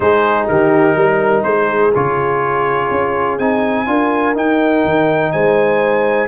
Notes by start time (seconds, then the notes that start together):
0.00 G#3 D#4 G#4 C5
0.48 D#3 G4 A#4
0.95 G3 A#4
1.43 G#3 G#4 C5
1.95 C#3 F4 C#5
2.90 C#4
3.38 C4 D#4 G#5
3.86 D4 F4 A#4
4.35 D#4 G5
4.84 D#3
5.31 G#3 C5 G#5